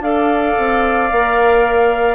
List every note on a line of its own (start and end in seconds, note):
0.00 0.54 D4
0.00 1.09 A4
0.00 2.15 D5
0.00 2.15 F5
0.58 1.11 C4
1.11 2.15 A#3
1.11 2.15 A#4